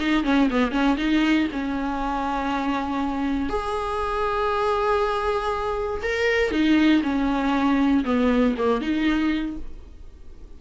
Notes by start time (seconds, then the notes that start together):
0.00 D#4
0.24 C#4
0.50 B3
0.72 C#4
0.98 D#4
1.52 C#4
3.50 G#4
6.03 A#4
6.52 D#4
7.04 C#4
8.05 B3
8.58 A#3
8.81 D#4